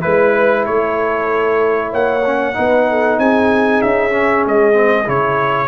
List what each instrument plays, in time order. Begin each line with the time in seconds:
0.00 tuba G#3, trombone E4, trumpet B4, horn B4
0.65 tuba A3, horn A4, trumpet C#5
1.89 tuba A#3, horn C#5, trumpet F#5
2.25 trombone C#4
2.53 tuba B3, trombone D#4
2.59 horn B4
2.90 horn A4
3.18 tuba C4, horn G#4, trumpet G#5
3.81 tuba C#4, trumpet E5
4.10 trombone C#4
4.46 tuba G#3, trumpet D#5
4.72 trombone C4
5.05 tuba C#3, trombone E4, trumpet C#5